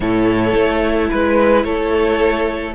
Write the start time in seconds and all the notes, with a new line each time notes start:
0.00 A2 E4 A4 C#5
0.53 A3
1.10 G#3 B4
1.63 A3 A4 C#5